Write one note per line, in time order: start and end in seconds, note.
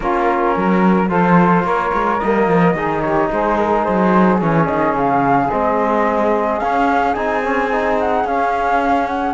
0.00 0.54 A#3
0.00 1.08 C#4
0.00 0.56 F4
0.00 1.10 A#4
0.56 1.09 F#3
0.56 1.09 A#4
1.08 1.63 F3
1.08 2.18 F4
1.08 1.64 A4
1.08 1.65 C5
1.63 1.90 A#3
1.63 2.75 A#4
1.63 2.19 C#5
1.93 2.21 G#3
2.19 2.47 G3
2.19 2.77 A#3
2.19 3.00 D#5
2.47 2.73 F3
2.73 3.28 D#3
2.73 4.39 D#4
2.73 3.02 G#4
3.00 3.29 G4
3.00 3.28 C#5
3.30 3.87 G#3
3.30 9.33 G#4
3.30 3.57 C5
3.57 3.84 A#4
3.84 4.41 F#3
3.84 4.39 C5
4.39 4.68 E3
4.39 5.49 C#4
4.39 4.67 C#5
4.67 4.93 D#3
4.67 4.94 D#5
4.93 5.48 C#3
4.93 5.50 F5
5.50 6.60 G#3
5.50 6.61 C4
5.50 6.59 D#5
6.59 7.15 C#4
6.59 7.14 C#4
6.59 7.13 F5
7.13 8.24 C4
7.13 7.42 D#4
7.13 7.96 G#5
7.43 7.70 C#4
7.72 8.26 D#4
7.99 8.26 F#5
8.24 9.33 C#4
8.24 9.07 F5
9.07 9.33 F#5